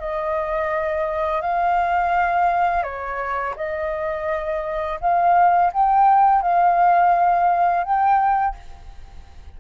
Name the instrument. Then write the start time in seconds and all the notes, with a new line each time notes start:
flute
0.00 D#5
1.42 F5
2.83 C#5
3.56 D#5
5.01 F5
5.73 G5
6.42 F5
7.84 G5